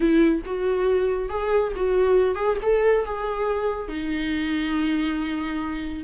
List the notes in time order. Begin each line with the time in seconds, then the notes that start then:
0.00 E4
0.45 F#4
1.29 G#4
1.76 F#4
2.35 G#4
2.62 A4
3.05 G#4
3.88 D#4